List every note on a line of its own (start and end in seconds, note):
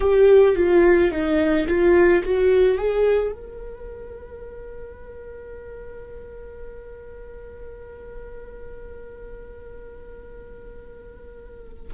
0.00 0.56 G4
0.56 1.11 F4
1.11 1.67 D#4
1.67 2.22 F4
2.23 2.78 F#4
2.78 3.32 G#4
3.32 11.93 A#4